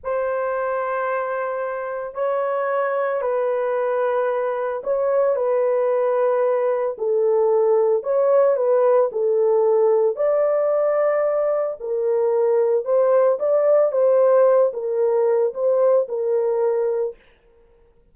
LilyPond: \new Staff \with { instrumentName = "horn" } { \time 4/4 \tempo 4 = 112 c''1 | cis''2 b'2~ | b'4 cis''4 b'2~ | b'4 a'2 cis''4 |
b'4 a'2 d''4~ | d''2 ais'2 | c''4 d''4 c''4. ais'8~ | ais'4 c''4 ais'2 | }